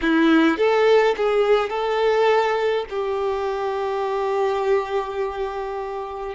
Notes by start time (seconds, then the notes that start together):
0.01 E4
0.57 A4
1.16 G#4
1.69 A4
2.89 G4